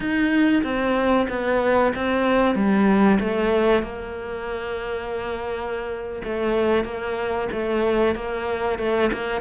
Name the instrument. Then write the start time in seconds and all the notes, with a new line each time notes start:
cello
0.00 D#4
0.63 C4
1.29 B3
1.95 C4
2.55 G3
3.20 A3
3.82 A#3
6.24 A3
6.84 A#3
7.52 A3
8.15 A#3
8.78 A3
9.12 A#3